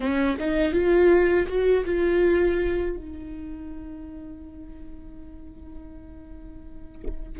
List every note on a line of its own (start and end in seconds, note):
0.00 0.36 C#4
0.39 0.72 D#4
0.72 1.46 F4
1.47 1.84 F#4
1.85 2.96 F4
2.96 7.39 D#4